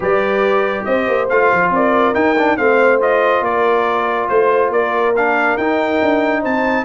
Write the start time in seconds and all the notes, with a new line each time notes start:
0.00 G3 G4 B4 D5
0.84 C4 C5 D#5
1.08 A#3
1.29 A3 F4 F5
1.52 F3
1.70 C4 A#4 D5
2.14 D#4 G5
2.37 D4
2.57 A3 C4 C5 F5
3.00 F4 D#5
3.41 A#3 A#4 D5
4.28 A3 C5
4.69 A#3 A#4 D5
5.15 D4 F5
5.57 D#4 G5
6.01 D4
6.41 C4 C5 A5